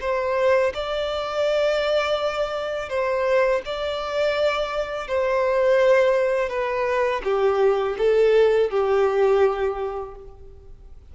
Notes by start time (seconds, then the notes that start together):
0.00 C5
0.74 D5
2.89 C5
3.65 D5
5.07 C5
6.49 B4
7.24 G4
7.98 A4
8.70 G4